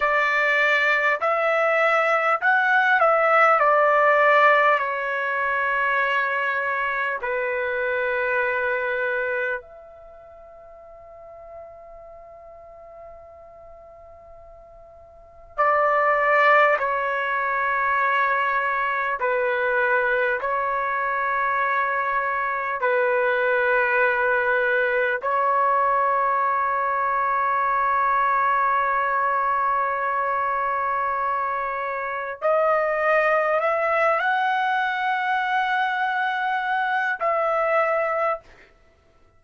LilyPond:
\new Staff \with { instrumentName = "trumpet" } { \time 4/4 \tempo 4 = 50 d''4 e''4 fis''8 e''8 d''4 | cis''2 b'2 | e''1~ | e''4 d''4 cis''2 |
b'4 cis''2 b'4~ | b'4 cis''2.~ | cis''2. dis''4 | e''8 fis''2~ fis''8 e''4 | }